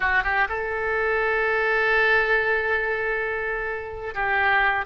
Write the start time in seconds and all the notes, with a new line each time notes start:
0.00 F#4
0.23 G4
0.48 A4
4.14 G4